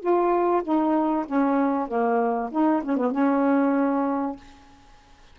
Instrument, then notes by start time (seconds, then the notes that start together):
saxophone
0.00 F4
0.64 D#4
1.26 C#4
1.88 A#3
2.51 D#4
2.83 C#4
2.97 B3
3.12 C#4